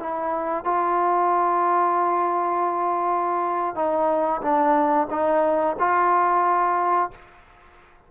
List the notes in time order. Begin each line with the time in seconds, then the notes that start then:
0.00 E4
0.64 F4
3.76 D#4
4.42 D4
5.11 D#4
5.79 F4